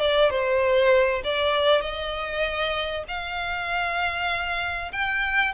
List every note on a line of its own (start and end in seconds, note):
0.00 0.30 D5
0.30 1.22 C5
1.24 1.81 D5
1.81 3.04 D#5
3.08 4.92 F5
4.93 5.54 G5